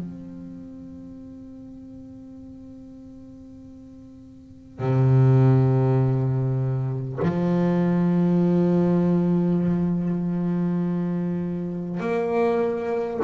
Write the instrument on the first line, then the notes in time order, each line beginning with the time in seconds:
double bass
0.00 C4
4.79 C3
7.22 F3
12.01 A#3